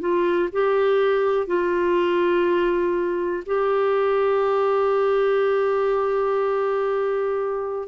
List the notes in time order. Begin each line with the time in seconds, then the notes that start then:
0.00 F4
0.52 G4
1.47 F4
3.46 G4